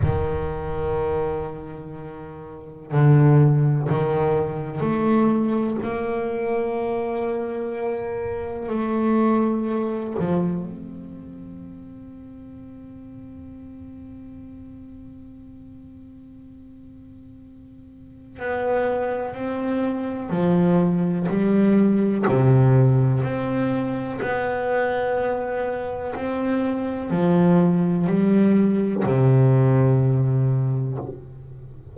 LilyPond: \new Staff \with { instrumentName = "double bass" } { \time 4/4 \tempo 4 = 62 dis2. d4 | dis4 a4 ais2~ | ais4 a4. f8 c'4~ | c'1~ |
c'2. b4 | c'4 f4 g4 c4 | c'4 b2 c'4 | f4 g4 c2 | }